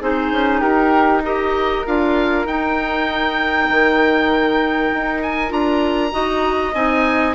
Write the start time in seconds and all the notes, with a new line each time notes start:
0.00 C4 D#4 G#4 C5
0.32 C#4
0.60 D#4 G4 A#4
1.24 G4 A#4 D#5
1.85 D4 F4 F5
2.46 D#4 G5
3.68 D#3
4.93 D#4
5.22 G#5
5.48 D4 F4 A#5
6.11 D#4 F#4 D#5
6.74 C4 D#4 G#5